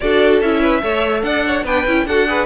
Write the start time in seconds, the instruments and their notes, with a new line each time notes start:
0.00 cello D4, viola F#4, violin A4 D5
0.41 cello C#4, viola E4, violin E5
0.61 violin B4
0.81 cello A3, viola A4, violin C#5
1.22 cello D4, violin D5 F#5
1.46 violin C#5
1.63 cello B3, viola D4, violin B4 G5
1.87 cello C#4, viola E4
2.05 cello D4, viola F#4, violin A4 F#5
2.27 viola G#4, violin B4